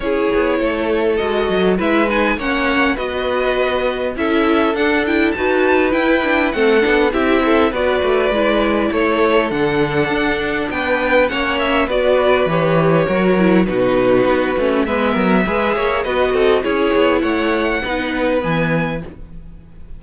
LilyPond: <<
  \new Staff \with { instrumentName = "violin" } { \time 4/4 \tempo 4 = 101 cis''2 dis''4 e''8 gis''8 | fis''4 dis''2 e''4 | fis''8 g''8 a''4 g''4 fis''4 | e''4 d''2 cis''4 |
fis''2 g''4 fis''8 e''8 | d''4 cis''2 b'4~ | b'4 e''2 dis''4 | cis''4 fis''2 gis''4 | }
  \new Staff \with { instrumentName = "violin" } { \time 4/4 gis'4 a'2 b'4 | cis''4 b'2 a'4~ | a'4 b'2 a'4 | g'8 a'8 b'2 a'4~ |
a'2 b'4 cis''4 | b'2 ais'4 fis'4~ | fis'4 b'8 ais'8 b'8 cis''8 b'8 a'8 | gis'4 cis''4 b'2 | }
  \new Staff \with { instrumentName = "viola" } { \time 4/4 e'2 fis'4 e'8 dis'8 | cis'4 fis'2 e'4 | d'8 e'8 fis'4 e'8 d'8 c'8 d'8 | e'4 fis'4 e'2 |
d'2. cis'4 | fis'4 g'4 fis'8 e'8 dis'4~ | dis'8 cis'8 b4 gis'4 fis'4 | e'2 dis'4 b4 | }
  \new Staff \with { instrumentName = "cello" } { \time 4/4 cis'8 b8 a4 gis8 fis8 gis4 | ais4 b2 cis'4 | d'4 dis'4 e'4 a8 b8 | c'4 b8 a8 gis4 a4 |
d4 d'4 b4 ais4 | b4 e4 fis4 b,4 | b8 a8 gis8 fis8 gis8 ais8 b8 c'8 | cis'8 b8 a4 b4 e4 | }
>>